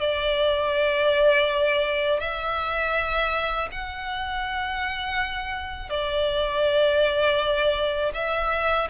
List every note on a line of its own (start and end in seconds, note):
0.00 2.20 D5
2.20 3.68 E5
3.72 5.90 F#5
5.90 8.12 D5
8.14 8.88 E5